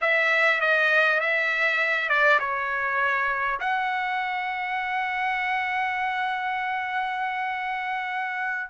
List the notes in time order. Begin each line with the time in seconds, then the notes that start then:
0.01 E5
0.61 D#5
1.20 E5
2.09 D5
2.39 C#5
3.59 F#5